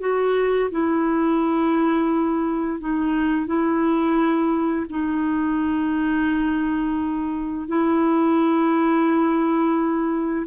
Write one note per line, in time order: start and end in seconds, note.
0.00 0.70 F#4
0.70 2.80 E4
2.80 3.46 D#4
3.46 4.86 E4
4.89 7.67 D#4
7.67 10.46 E4